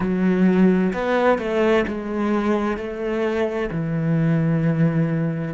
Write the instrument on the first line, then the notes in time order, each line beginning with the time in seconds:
cello
0.00 F#3
0.93 B3
1.38 A3
1.87 G#3
2.77 A3
3.70 E3